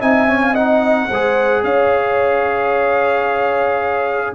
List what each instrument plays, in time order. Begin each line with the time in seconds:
0.00 tuba C4, trombone D#4, horn E5, trumpet G#5
0.28 trombone C#4
0.43 horn F5
0.54 trombone D#4, horn D#5, trumpet F#5
1.09 tuba G#3, trombone G#4, horn C5
1.64 tuba C#4, horn C#5, trumpet F5